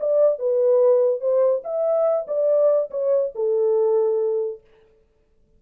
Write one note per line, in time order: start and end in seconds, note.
0.00 0.39 D5
0.39 1.21 B4
1.21 1.63 C5
1.64 2.27 E5
2.28 2.90 D5
2.91 3.33 C#5
3.35 4.61 A4